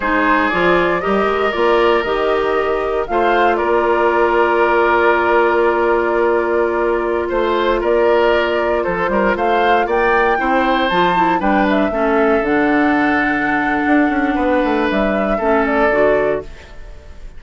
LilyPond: <<
  \new Staff \with { instrumentName = "flute" } { \time 4/4 \tempo 4 = 117 c''4 d''4 dis''4 d''4 | dis''2 f''4 d''4~ | d''1~ | d''2~ d''16 c''4 d''8.~ |
d''4~ d''16 c''4 f''4 g''8.~ | g''4~ g''16 a''4 g''8 e''4~ e''16~ | e''16 fis''2.~ fis''8.~ | fis''4 e''4. d''4. | }
  \new Staff \with { instrumentName = "oboe" } { \time 4/4 gis'2 ais'2~ | ais'2 c''4 ais'4~ | ais'1~ | ais'2~ ais'16 c''4 ais'8.~ |
ais'4~ ais'16 a'8 ais'8 c''4 d''8.~ | d''16 c''2 b'4 a'8.~ | a'1 | b'2 a'2 | }
  \new Staff \with { instrumentName = "clarinet" } { \time 4/4 dis'4 f'4 g'4 f'4 | g'2 f'2~ | f'1~ | f'1~ |
f'1~ | f'16 e'4 f'8 e'8 d'4 cis'8.~ | cis'16 d'2.~ d'8.~ | d'2 cis'4 fis'4 | }
  \new Staff \with { instrumentName = "bassoon" } { \time 4/4 gis4 f4 g8 gis8 ais4 | dis2 a4 ais4~ | ais1~ | ais2~ ais16 a4 ais8.~ |
ais4~ ais16 f8 g8 a4 ais8.~ | ais16 c'4 f4 g4 a8.~ | a16 d2~ d8. d'8 cis'8 | b8 a8 g4 a4 d4 | }
>>